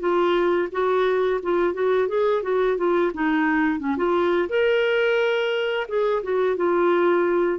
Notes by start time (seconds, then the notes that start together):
0.00 F4
0.72 F#4
1.43 F4
1.74 F#4
2.08 G#4
2.43 F#4
2.77 F4
3.14 D#4
3.80 C#4
3.97 F4
4.50 A#4
5.89 G#4
6.24 F#4
6.57 F4